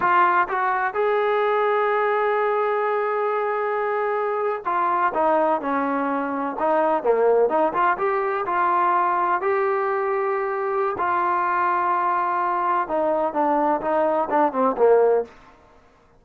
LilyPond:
\new Staff \with { instrumentName = "trombone" } { \time 4/4 \tempo 4 = 126 f'4 fis'4 gis'2~ | gis'1~ | gis'4.~ gis'16 f'4 dis'4 cis'16~ | cis'4.~ cis'16 dis'4 ais4 dis'16~ |
dis'16 f'8 g'4 f'2 g'16~ | g'2. f'4~ | f'2. dis'4 | d'4 dis'4 d'8 c'8 ais4 | }